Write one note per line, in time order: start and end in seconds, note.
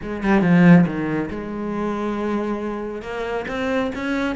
0.02 0.23 G#3
0.23 0.41 G3
0.41 0.85 F3
0.86 1.29 D#3
1.30 3.02 G#3
3.02 3.45 A#3
3.48 3.91 C4
3.95 4.35 C#4